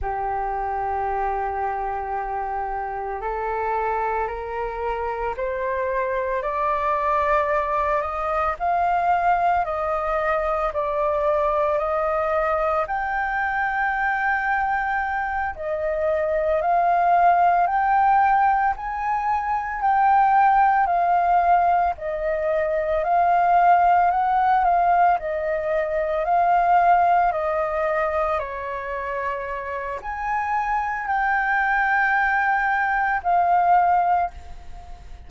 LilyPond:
\new Staff \with { instrumentName = "flute" } { \time 4/4 \tempo 4 = 56 g'2. a'4 | ais'4 c''4 d''4. dis''8 | f''4 dis''4 d''4 dis''4 | g''2~ g''8 dis''4 f''8~ |
f''8 g''4 gis''4 g''4 f''8~ | f''8 dis''4 f''4 fis''8 f''8 dis''8~ | dis''8 f''4 dis''4 cis''4. | gis''4 g''2 f''4 | }